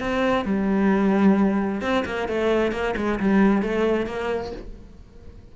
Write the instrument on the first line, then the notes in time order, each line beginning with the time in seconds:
cello
0.00 C4
0.45 G3
1.81 C4
2.05 A#3
2.28 A3
2.72 A#3
2.97 G#3
3.20 G3
3.62 A3
4.06 A#3